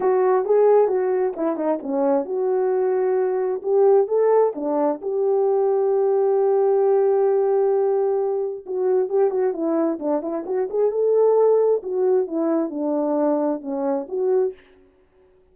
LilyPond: \new Staff \with { instrumentName = "horn" } { \time 4/4 \tempo 4 = 132 fis'4 gis'4 fis'4 e'8 dis'8 | cis'4 fis'2. | g'4 a'4 d'4 g'4~ | g'1~ |
g'2. fis'4 | g'8 fis'8 e'4 d'8 e'8 fis'8 gis'8 | a'2 fis'4 e'4 | d'2 cis'4 fis'4 | }